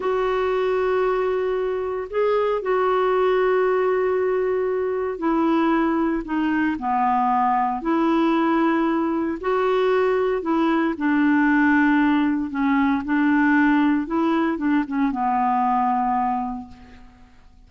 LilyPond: \new Staff \with { instrumentName = "clarinet" } { \time 4/4 \tempo 4 = 115 fis'1 | gis'4 fis'2.~ | fis'2 e'2 | dis'4 b2 e'4~ |
e'2 fis'2 | e'4 d'2. | cis'4 d'2 e'4 | d'8 cis'8 b2. | }